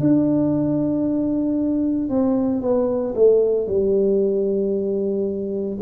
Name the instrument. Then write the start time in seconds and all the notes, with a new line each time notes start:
tuba
0.00 D4
2.10 C4
2.62 B3
3.15 A3
3.67 G3